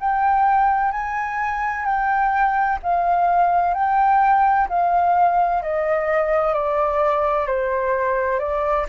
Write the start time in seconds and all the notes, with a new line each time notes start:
0.00 G5
0.92 G#5
1.85 G5
2.83 F5
3.74 G5
4.69 F5
5.62 D#5
6.54 D5
7.47 C5
8.39 D5